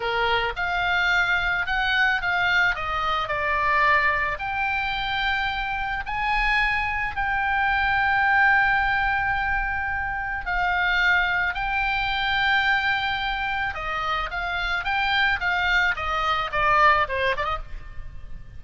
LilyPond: \new Staff \with { instrumentName = "oboe" } { \time 4/4 \tempo 4 = 109 ais'4 f''2 fis''4 | f''4 dis''4 d''2 | g''2. gis''4~ | gis''4 g''2.~ |
g''2. f''4~ | f''4 g''2.~ | g''4 dis''4 f''4 g''4 | f''4 dis''4 d''4 c''8 d''16 dis''16 | }